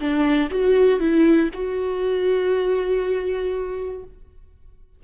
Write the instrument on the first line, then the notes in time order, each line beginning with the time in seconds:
viola
0.00 D4
0.50 F#4
0.99 E4
1.53 F#4